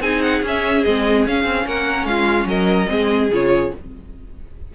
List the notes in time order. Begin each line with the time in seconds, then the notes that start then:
0.00 C4 D#4 G#4 G#5
0.22 F#5
0.42 C#4 E5
0.84 G#3 C4 D#5
1.26 C#4 F5
1.45 C4
1.66 A#3 A#4 F#5
2.05 G#3 F4 F5
2.45 F#3 A#4 D#5
2.87 G#3 C4 G#4
3.30 C#3 F4 C#5